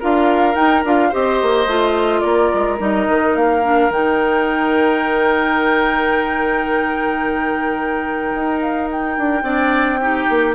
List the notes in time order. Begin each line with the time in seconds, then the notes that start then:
0.00 D4 F4 A#4 F5
0.55 D#4 G5
0.85 D4 F4 F5
1.09 C4 G4 C5 D#5
1.42 A#3
1.67 A3 F4
2.20 A#3 A#4 D5
2.54 G#3
2.79 G3 D#4 D#5
3.09 D#3
3.36 A#3 F5
3.63 D4
3.89 D#3 D#4 G5
8.35 D#4
8.62 F5
8.91 G5
9.18 D4
9.43 C4 D4 D5
10.01 D#4 G4
10.30 A#3